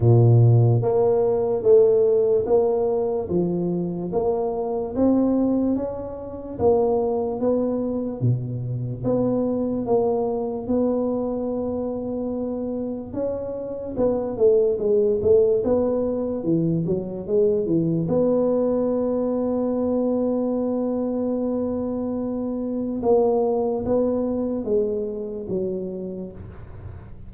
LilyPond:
\new Staff \with { instrumentName = "tuba" } { \time 4/4 \tempo 4 = 73 ais,4 ais4 a4 ais4 | f4 ais4 c'4 cis'4 | ais4 b4 b,4 b4 | ais4 b2. |
cis'4 b8 a8 gis8 a8 b4 | e8 fis8 gis8 e8 b2~ | b1 | ais4 b4 gis4 fis4 | }